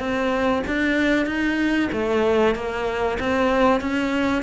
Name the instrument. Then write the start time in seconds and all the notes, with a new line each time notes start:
cello
0.00 C4
0.67 D4
1.26 D#4
1.93 A3
2.55 A#3
3.20 C4
3.81 C#4